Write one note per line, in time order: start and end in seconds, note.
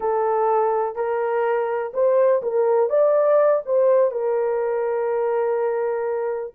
0.00 0.95 A4
0.95 1.92 A#4
1.93 2.41 C5
2.42 2.89 A#4
2.89 3.62 D5
3.65 4.11 C5
4.11 6.53 A#4